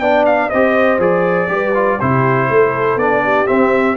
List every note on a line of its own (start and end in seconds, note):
0.00 0.50 B3
0.00 0.51 D4
0.00 0.50 D5
0.00 0.25 G5
0.26 0.50 F5
0.50 0.99 C4
0.50 1.00 G4
0.50 1.49 C5
0.50 0.99 D#5
0.99 1.48 F3
0.99 1.48 G#4
0.99 2.00 D5
1.48 1.99 G3
1.48 1.73 G4
1.48 1.99 B4
1.75 2.00 F4
1.99 2.50 C3
1.99 3.00 E4
1.99 2.49 G4
1.99 2.99 C5
2.50 2.96 A3
2.50 3.23 A4
2.96 3.46 B3
2.96 3.46 D4
2.96 3.47 D5
3.23 3.97 G4
3.46 3.96 C4
3.46 3.97 C4
3.46 3.97 E5